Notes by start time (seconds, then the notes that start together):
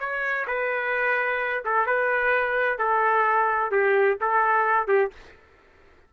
0.00 C#5
0.48 B4
1.65 A4
1.87 B4
2.79 A4
3.71 G4
4.21 A4
4.88 G4